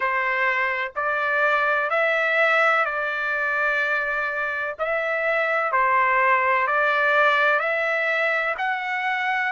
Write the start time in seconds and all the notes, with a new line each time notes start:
0.00 C5
0.95 D5
1.90 E5
2.85 D5
4.79 E5
5.71 C5
6.67 D5
7.59 E5
8.58 F#5